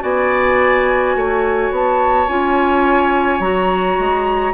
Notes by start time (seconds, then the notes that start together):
0.00 B3 F#4 D5 G#5
1.15 A3 C#5
1.70 B3 A5
2.28 C#4 F4 G#5
3.39 F#3 F#4 A#5
3.98 G#3